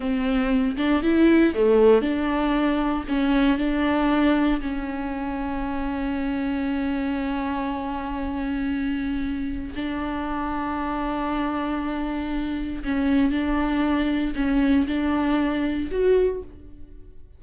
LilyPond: \new Staff \with { instrumentName = "viola" } { \time 4/4 \tempo 4 = 117 c'4. d'8 e'4 a4 | d'2 cis'4 d'4~ | d'4 cis'2.~ | cis'1~ |
cis'2. d'4~ | d'1~ | d'4 cis'4 d'2 | cis'4 d'2 fis'4 | }